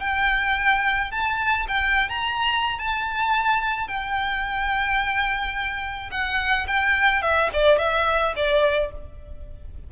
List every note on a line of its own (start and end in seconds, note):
0.00 1.11 G5
1.11 1.66 A5
1.68 2.09 G5
2.09 2.79 A#5
2.79 3.88 A5
3.88 6.10 G5
6.11 6.66 F#5
6.67 7.22 G5
7.22 7.50 E5
7.53 7.79 D5
7.79 8.34 E5
8.36 8.91 D5